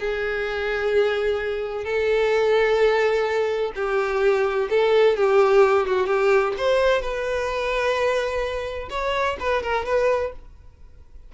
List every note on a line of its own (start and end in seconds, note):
0.00 1.85 G#4
1.85 3.73 A4
3.76 4.70 G4
4.70 5.17 A4
5.17 5.87 G4
5.87 6.07 F#4
6.07 6.54 G4
6.58 7.02 C5
7.02 8.90 B4
8.90 9.37 C#5
9.40 9.63 B4
9.63 9.86 A#4
9.86 10.33 B4